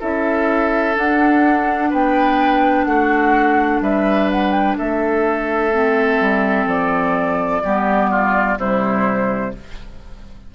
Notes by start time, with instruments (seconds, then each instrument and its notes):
0.00 bassoon C#4, clarinet E4, oboe A4, flute E5
0.95 clarinet D4, bassoon D4, flute F#5
1.90 bassoon B3, oboe B4, flute G5
2.85 bassoon A3, oboe F#4, flute F#5
3.81 bassoon G3, oboe B4, flute E5
4.32 flute F#5
4.52 flute G5
4.78 bassoon A3, oboe A4, flute E5
5.72 clarinet C4
6.21 bassoon G3
6.66 bassoon F3, flute D5
7.64 bassoon G3, clarinet B3, oboe G4
8.11 oboe F4
8.58 bassoon C3, clarinet G3, oboe E4, flute C5